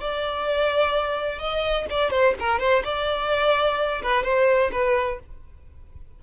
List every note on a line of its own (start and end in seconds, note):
0.00 1.39 D5
1.39 1.86 D#5
1.90 2.10 D5
2.10 2.34 C5
2.39 2.59 A#4
2.59 2.83 C5
2.84 4.02 D5
4.02 4.23 B4
4.23 4.71 C5
4.72 5.19 B4